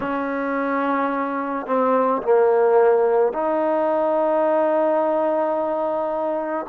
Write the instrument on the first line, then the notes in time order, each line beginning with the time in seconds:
trombone
0.00 C#4
1.66 C4
2.22 A#3
3.32 D#4